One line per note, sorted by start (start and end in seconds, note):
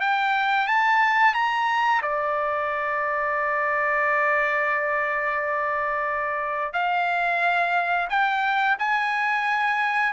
0.00 0.67 G5
0.67 1.34 A5
1.34 2.01 A#5
2.02 6.73 D5
6.73 8.07 F5
8.09 8.77 G5
8.78 10.13 G#5